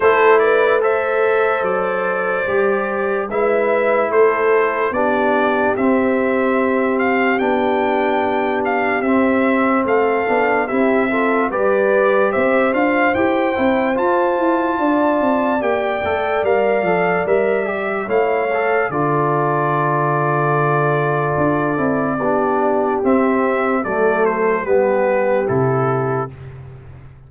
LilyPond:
<<
  \new Staff \with { instrumentName = "trumpet" } { \time 4/4 \tempo 4 = 73 c''8 d''8 e''4 d''2 | e''4 c''4 d''4 e''4~ | e''8 f''8 g''4. f''8 e''4 | f''4 e''4 d''4 e''8 f''8 |
g''4 a''2 g''4 | f''4 e''4 f''4 d''4~ | d''1 | e''4 d''8 c''8 b'4 a'4 | }
  \new Staff \with { instrumentName = "horn" } { \time 4/4 a'8 b'8 c''2. | b'4 a'4 g'2~ | g'1 | a'4 g'8 a'8 b'4 c''4~ |
c''2 d''2~ | d''2 cis''4 a'4~ | a'2. g'4~ | g'4 a'4 g'2 | }
  \new Staff \with { instrumentName = "trombone" } { \time 4/4 e'4 a'2 g'4 | e'2 d'4 c'4~ | c'4 d'2 c'4~ | c'8 d'8 e'8 f'8 g'4. f'8 |
g'8 e'8 f'2 g'8 a'8 | ais'8 a'8 ais'8 g'8 e'8 a'8 f'4~ | f'2~ f'8 e'8 d'4 | c'4 a4 b4 e'4 | }
  \new Staff \with { instrumentName = "tuba" } { \time 4/4 a2 fis4 g4 | gis4 a4 b4 c'4~ | c'4 b2 c'4 | a8 b8 c'4 g4 c'8 d'8 |
e'8 c'8 f'8 e'8 d'8 c'8 ais8 a8 | g8 f8 g4 a4 d4~ | d2 d'8 c'8 b4 | c'4 fis4 g4 c4 | }
>>